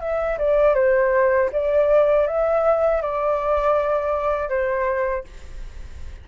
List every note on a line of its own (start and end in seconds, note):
0.00 0.38 E5
0.38 0.74 D5
0.74 1.49 C5
1.52 2.27 D5
2.27 3.01 E5
3.01 4.49 D5
4.49 5.24 C5